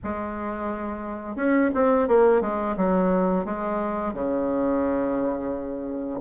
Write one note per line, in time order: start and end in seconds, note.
0.03 1.35 G#3
1.35 1.70 C#4
1.74 2.08 C4
2.08 2.41 A#3
2.41 2.75 G#3
2.76 3.45 F#3
3.45 4.13 G#3
4.13 6.20 C#3